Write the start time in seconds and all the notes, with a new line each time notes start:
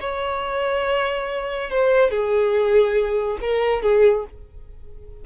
0.00 C#5
1.70 C5
2.10 G#4
3.41 A#4
3.82 G#4